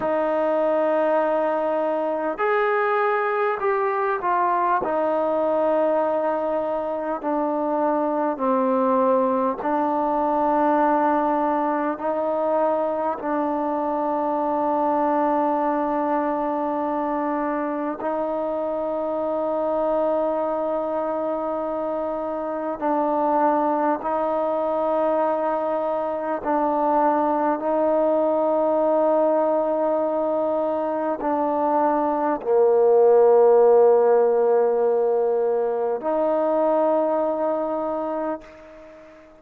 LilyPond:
\new Staff \with { instrumentName = "trombone" } { \time 4/4 \tempo 4 = 50 dis'2 gis'4 g'8 f'8 | dis'2 d'4 c'4 | d'2 dis'4 d'4~ | d'2. dis'4~ |
dis'2. d'4 | dis'2 d'4 dis'4~ | dis'2 d'4 ais4~ | ais2 dis'2 | }